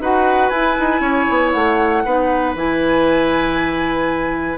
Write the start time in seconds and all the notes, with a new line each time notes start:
0.00 D#4 F#4 B4 F#5
0.49 E4 G#5
0.56 E4
0.80 D#4
1.00 C#4 C#5
1.29 B3
1.52 A3 F#5
2.05 B3 D#4 B4
2.55 E3 E4 G#5